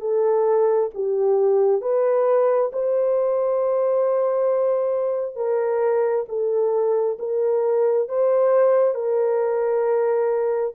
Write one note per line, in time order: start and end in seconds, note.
0.00 0.90 A4
0.94 1.81 G4
1.81 2.71 B4
2.72 5.36 C5
5.36 6.25 A#4
6.28 7.18 A4
7.18 8.08 A#4
8.08 8.94 C5
8.94 10.73 A#4